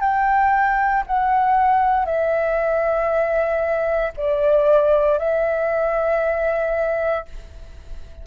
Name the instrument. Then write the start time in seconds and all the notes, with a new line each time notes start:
flute
0.00 G5
1.07 F#5
2.05 E5
4.17 D5
5.19 E5